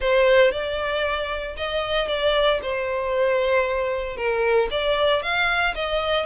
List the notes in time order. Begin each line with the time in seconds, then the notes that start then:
0.00 C5
0.51 D5
1.57 D#5
2.07 D5
2.62 C5
4.16 A#4
4.70 D5
5.22 F5
5.74 D#5